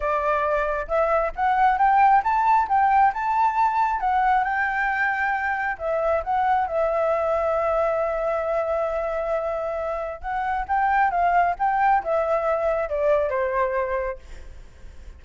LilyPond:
\new Staff \with { instrumentName = "flute" } { \time 4/4 \tempo 4 = 135 d''2 e''4 fis''4 | g''4 a''4 g''4 a''4~ | a''4 fis''4 g''2~ | g''4 e''4 fis''4 e''4~ |
e''1~ | e''2. fis''4 | g''4 f''4 g''4 e''4~ | e''4 d''4 c''2 | }